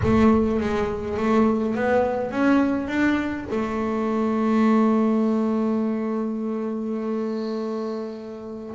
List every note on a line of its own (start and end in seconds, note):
0.03 0.60 A3
0.60 1.17 G#3
1.17 1.75 A3
1.75 2.31 B3
2.31 2.87 C#4
2.87 3.46 D4
3.50 8.74 A3